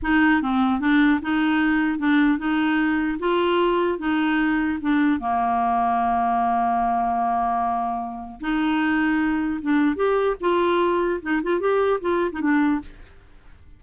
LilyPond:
\new Staff \with { instrumentName = "clarinet" } { \time 4/4 \tempo 4 = 150 dis'4 c'4 d'4 dis'4~ | dis'4 d'4 dis'2 | f'2 dis'2 | d'4 ais2.~ |
ais1~ | ais4 dis'2. | d'4 g'4 f'2 | dis'8 f'8 g'4 f'8. dis'16 d'4 | }